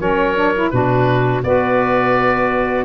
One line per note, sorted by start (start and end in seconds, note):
0.00 0.72 F#3
0.00 0.36 C#4
0.00 0.71 A#4
0.00 0.70 C#5
0.36 0.54 D4
0.55 0.72 E4
0.70 1.44 B2
0.70 1.44 D4
0.70 1.44 F#4
0.70 1.42 B4
1.44 2.85 B3
1.44 2.85 F#4
1.44 2.85 B4
1.44 2.85 D5